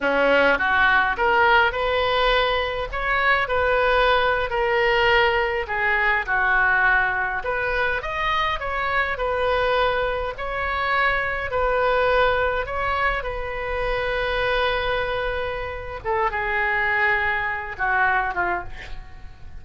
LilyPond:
\new Staff \with { instrumentName = "oboe" } { \time 4/4 \tempo 4 = 103 cis'4 fis'4 ais'4 b'4~ | b'4 cis''4 b'4.~ b'16 ais'16~ | ais'4.~ ais'16 gis'4 fis'4~ fis'16~ | fis'8. b'4 dis''4 cis''4 b'16~ |
b'4.~ b'16 cis''2 b'16~ | b'4.~ b'16 cis''4 b'4~ b'16~ | b'2.~ b'8 a'8 | gis'2~ gis'8 fis'4 f'8 | }